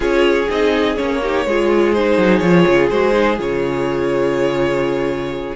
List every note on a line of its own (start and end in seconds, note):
0.00 0.48 C#4
0.00 0.46 F4
0.00 1.19 G#4
0.00 0.49 C#5
0.49 0.97 C4
0.49 0.96 D#4
0.49 0.96 D#5
0.96 1.45 A#3
0.96 1.20 C#4
0.96 1.93 C#5
1.22 1.47 D#4
1.22 1.46 G4
1.45 2.17 G#3
1.45 1.96 F4
1.45 5.56 G#4
1.93 2.43 D#4
1.93 2.38 C5
2.17 2.40 F#3
2.38 2.64 F3
2.38 2.91 F4
2.38 2.87 C#5
2.66 2.90 C#3
2.90 3.39 G#3
2.90 3.11 F#4
2.90 3.38 C5
3.11 3.36 D#4
3.36 5.56 C#3
3.36 5.54 F4
3.36 5.56 C#5